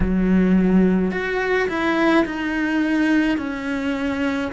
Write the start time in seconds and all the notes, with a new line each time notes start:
0.00 F#3
1.11 F#4
1.68 E4
2.25 D#4
3.37 C#4